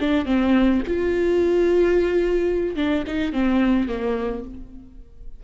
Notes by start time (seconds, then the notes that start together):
0.00 D4
0.26 C4
0.87 F4
2.76 D4
3.07 D#4
3.33 C4
3.88 A#3